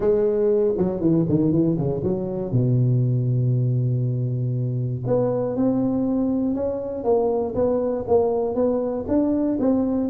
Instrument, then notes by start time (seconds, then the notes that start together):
tuba
0.00 G#3
0.77 F#3
1.00 E3
1.29 D#3
1.51 E3
1.77 C#3
2.03 F#3
2.52 B2
5.06 B3
5.56 C4
6.55 C#4
7.04 A#3
7.54 B3
8.07 A#3
8.55 B3
9.08 D4
9.59 C4